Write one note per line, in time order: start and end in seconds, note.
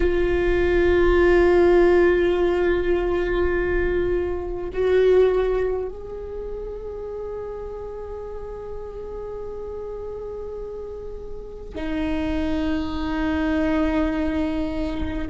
0.00 4.69 F4
4.73 5.88 F#4
5.88 11.75 G#4
11.75 15.28 D#4